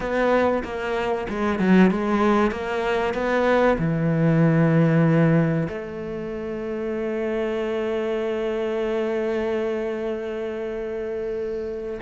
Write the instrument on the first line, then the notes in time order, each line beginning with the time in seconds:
cello
0.00 B3
0.63 A#3
1.29 G#3
1.59 F#3
1.90 G#3
2.51 A#3
3.13 B3
3.78 E3
5.68 A3